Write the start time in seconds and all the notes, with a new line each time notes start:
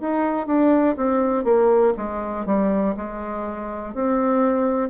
0.00 D#4
0.46 D4
0.96 C4
1.44 A#3
1.97 G#3
2.45 G3
2.96 G#3
3.94 C4